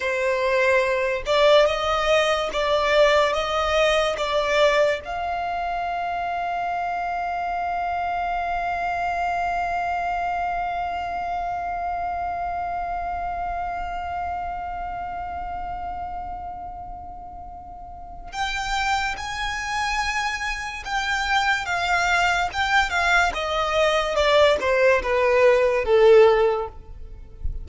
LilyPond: \new Staff \with { instrumentName = "violin" } { \time 4/4 \tempo 4 = 72 c''4. d''8 dis''4 d''4 | dis''4 d''4 f''2~ | f''1~ | f''1~ |
f''1~ | f''2 g''4 gis''4~ | gis''4 g''4 f''4 g''8 f''8 | dis''4 d''8 c''8 b'4 a'4 | }